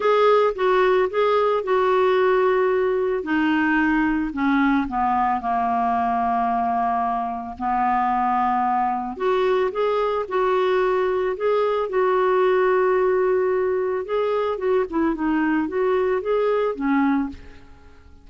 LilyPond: \new Staff \with { instrumentName = "clarinet" } { \time 4/4 \tempo 4 = 111 gis'4 fis'4 gis'4 fis'4~ | fis'2 dis'2 | cis'4 b4 ais2~ | ais2 b2~ |
b4 fis'4 gis'4 fis'4~ | fis'4 gis'4 fis'2~ | fis'2 gis'4 fis'8 e'8 | dis'4 fis'4 gis'4 cis'4 | }